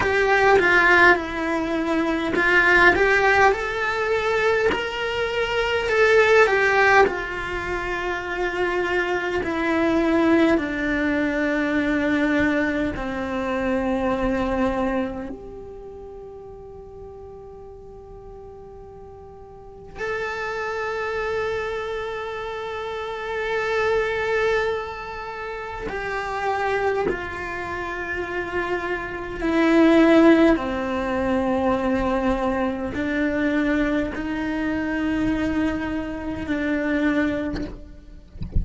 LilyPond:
\new Staff \with { instrumentName = "cello" } { \time 4/4 \tempo 4 = 51 g'8 f'8 e'4 f'8 g'8 a'4 | ais'4 a'8 g'8 f'2 | e'4 d'2 c'4~ | c'4 g'2.~ |
g'4 a'2.~ | a'2 g'4 f'4~ | f'4 e'4 c'2 | d'4 dis'2 d'4 | }